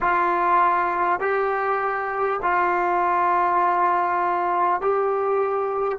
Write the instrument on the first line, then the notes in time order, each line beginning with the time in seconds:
trombone
0.00 F4
1.20 G4
2.42 F4
4.81 G4